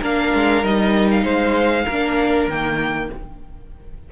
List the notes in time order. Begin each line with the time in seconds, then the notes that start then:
0.00 A#3 D4 A#4 F5
0.34 G#3
0.63 G3 D#4 D#5
1.10 F5
1.23 G#3 C5
1.84 A#3 A#4
1.92 D4
2.47 D#3 A#3 G5